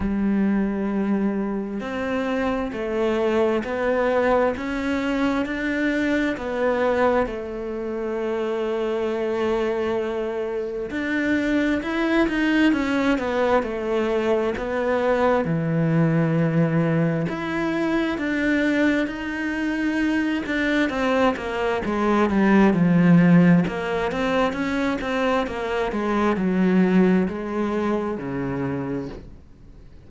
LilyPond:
\new Staff \with { instrumentName = "cello" } { \time 4/4 \tempo 4 = 66 g2 c'4 a4 | b4 cis'4 d'4 b4 | a1 | d'4 e'8 dis'8 cis'8 b8 a4 |
b4 e2 e'4 | d'4 dis'4. d'8 c'8 ais8 | gis8 g8 f4 ais8 c'8 cis'8 c'8 | ais8 gis8 fis4 gis4 cis4 | }